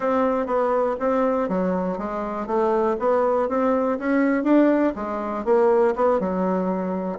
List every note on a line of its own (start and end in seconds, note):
0.00 0.46 C4
0.46 0.96 B3
0.99 1.48 C4
1.48 1.98 F#3
1.98 2.46 G#3
2.46 2.96 A3
2.99 3.48 B3
3.48 3.98 C4
3.98 4.43 C#4
4.43 4.93 D4
4.95 5.44 G#3
5.44 5.94 A#3
5.95 6.19 B3
6.19 7.18 F#3